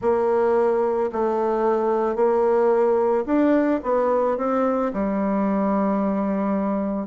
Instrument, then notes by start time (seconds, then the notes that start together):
bassoon
0.01 A#3
1.12 A3
2.15 A#3
3.26 D4
3.83 B3
4.37 C4
4.93 G3